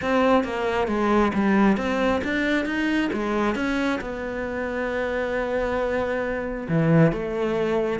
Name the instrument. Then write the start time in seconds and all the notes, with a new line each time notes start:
cello
0.01 C4
0.44 A#3
0.87 G#3
1.33 G3
1.77 C4
2.23 D4
2.65 D#4
3.13 G#3
3.55 C#4
4.00 B3
6.68 E3
7.12 A3